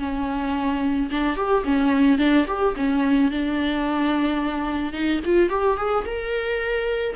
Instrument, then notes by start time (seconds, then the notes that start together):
viola
0.00 C#4
1.11 D4
1.36 G4
1.64 C#4
2.19 D4
2.48 G4
2.77 C#4
3.31 D4
4.93 D#4
5.25 F4
5.50 G4
5.77 G#4
6.06 A#4